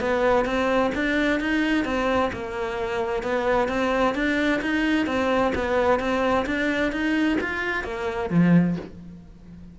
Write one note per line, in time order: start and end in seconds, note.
0.00 0.45 B3
0.45 0.91 C4
0.94 1.40 D4
1.40 1.85 D#4
1.85 2.31 C4
2.33 3.22 A#3
3.22 3.68 B3
3.68 4.14 C4
4.15 4.61 D4
4.61 5.06 D#4
5.06 5.53 C4
5.54 5.99 B3
5.99 6.46 C4
6.46 6.92 D4
6.92 7.38 D#4
7.41 7.84 F4
7.84 8.30 A#3
8.30 8.76 F3